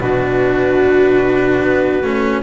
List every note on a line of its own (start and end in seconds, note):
0.00 1.62 B2
0.00 2.03 D4
0.00 2.42 F#4
0.00 2.42 B4
1.62 2.03 B3
2.03 2.42 A3
2.03 2.42 C#4